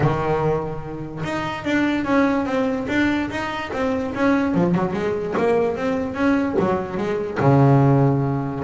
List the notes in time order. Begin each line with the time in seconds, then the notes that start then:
0.00 D#3
1.23 D#4
1.64 D4
2.05 C#4
2.45 C4
2.88 D4
3.30 D#4
3.72 C4
4.14 C#4
4.54 F3
4.74 F#3
4.93 G#3
5.37 A#3
5.76 C4
6.14 C#4
6.59 F#3
6.97 G#3
7.40 C#3